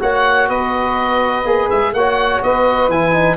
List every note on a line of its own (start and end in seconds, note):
0.00 0.49 A#3
0.00 1.45 F#4
0.00 0.48 C#5
0.00 0.49 F#5
0.48 1.45 B3
0.48 1.93 B4
0.48 1.69 D#5
1.45 1.69 A#3
1.45 1.93 G#4
1.69 1.92 G#3
1.69 1.94 E5
1.92 2.41 A#3
1.92 2.91 F#4
1.92 2.44 C#5
1.92 2.42 F#5
2.43 2.88 B3
2.43 3.37 B4
2.43 2.90 D#5
2.88 3.36 E3
2.88 3.13 E4
2.88 3.37 G#5
3.13 3.37 D#4